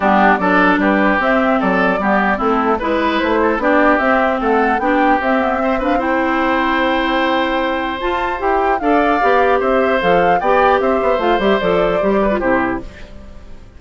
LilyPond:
<<
  \new Staff \with { instrumentName = "flute" } { \time 4/4 \tempo 4 = 150 g'4 d''4 b'4 e''4 | d''2 a'4 b'4 | c''4 d''4 e''4 fis''4 | g''4 e''4. f''8 g''4~ |
g''1 | a''4 g''4 f''2 | e''4 f''4 g''4 e''4 | f''8 e''8 d''2 c''4 | }
  \new Staff \with { instrumentName = "oboe" } { \time 4/4 d'4 a'4 g'2 | a'4 g'4 e'4 b'4~ | b'8 a'8 g'2 a'4 | g'2 c''8 b'8 c''4~ |
c''1~ | c''2 d''2 | c''2 d''4 c''4~ | c''2~ c''8 b'8 g'4 | }
  \new Staff \with { instrumentName = "clarinet" } { \time 4/4 b4 d'2 c'4~ | c'4 b4 c'4 e'4~ | e'4 d'4 c'2 | d'4 c'8 b8 c'8 d'8 e'4~ |
e'1 | f'4 g'4 a'4 g'4~ | g'4 a'4 g'2 | f'8 g'8 a'4 g'8. f'16 e'4 | }
  \new Staff \with { instrumentName = "bassoon" } { \time 4/4 g4 fis4 g4 c'4 | fis4 g4 a4 gis4 | a4 b4 c'4 a4 | b4 c'2.~ |
c'1 | f'4 e'4 d'4 b4 | c'4 f4 b4 c'8 b8 | a8 g8 f4 g4 c4 | }
>>